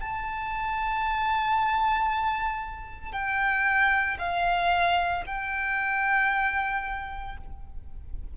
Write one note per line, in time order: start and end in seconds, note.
0.00 3.12 A5
3.12 4.17 G5
4.19 5.24 F5
5.26 7.37 G5